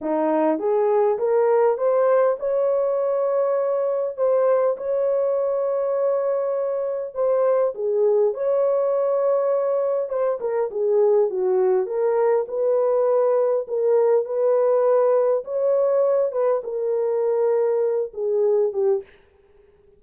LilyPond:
\new Staff \with { instrumentName = "horn" } { \time 4/4 \tempo 4 = 101 dis'4 gis'4 ais'4 c''4 | cis''2. c''4 | cis''1 | c''4 gis'4 cis''2~ |
cis''4 c''8 ais'8 gis'4 fis'4 | ais'4 b'2 ais'4 | b'2 cis''4. b'8 | ais'2~ ais'8 gis'4 g'8 | }